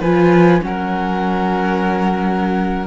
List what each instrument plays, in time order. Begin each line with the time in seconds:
0.00 cello F3, viola F4, violin B4, flute G#5
0.61 cello F#3, viola C#4, violin A#4, flute F#5